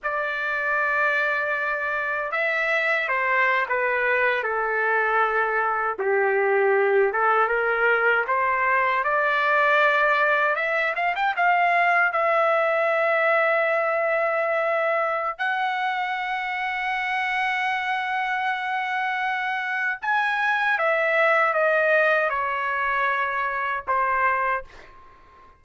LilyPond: \new Staff \with { instrumentName = "trumpet" } { \time 4/4 \tempo 4 = 78 d''2. e''4 | c''8. b'4 a'2 g'16~ | g'4~ g'16 a'8 ais'4 c''4 d''16~ | d''4.~ d''16 e''8 f''16 g''16 f''4 e''16~ |
e''1 | fis''1~ | fis''2 gis''4 e''4 | dis''4 cis''2 c''4 | }